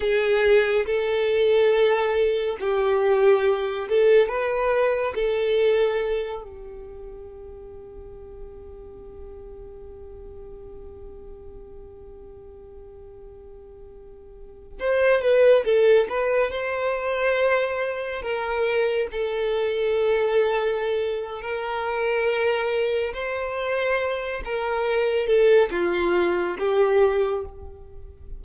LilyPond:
\new Staff \with { instrumentName = "violin" } { \time 4/4 \tempo 4 = 70 gis'4 a'2 g'4~ | g'8 a'8 b'4 a'4. g'8~ | g'1~ | g'1~ |
g'4~ g'16 c''8 b'8 a'8 b'8 c''8.~ | c''4~ c''16 ais'4 a'4.~ a'16~ | a'4 ais'2 c''4~ | c''8 ais'4 a'8 f'4 g'4 | }